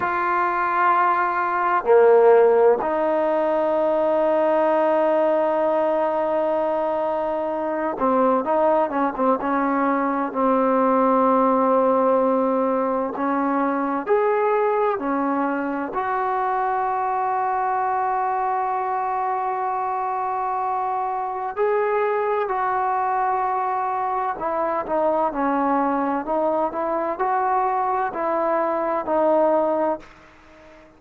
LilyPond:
\new Staff \with { instrumentName = "trombone" } { \time 4/4 \tempo 4 = 64 f'2 ais4 dis'4~ | dis'1~ | dis'8 c'8 dis'8 cis'16 c'16 cis'4 c'4~ | c'2 cis'4 gis'4 |
cis'4 fis'2.~ | fis'2. gis'4 | fis'2 e'8 dis'8 cis'4 | dis'8 e'8 fis'4 e'4 dis'4 | }